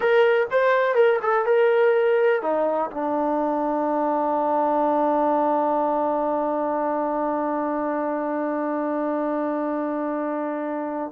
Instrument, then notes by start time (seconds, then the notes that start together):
trombone
0.00 A#4
0.51 C5
0.95 A#4
1.22 A4
1.45 A#4
2.41 D#4
2.90 D4